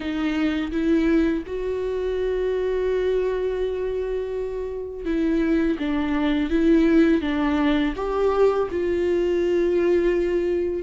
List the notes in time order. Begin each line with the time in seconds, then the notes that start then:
0.00 D#4
0.71 E4
1.46 F#4
5.05 E4
5.78 D4
6.50 E4
7.21 D4
7.96 G4
8.70 F4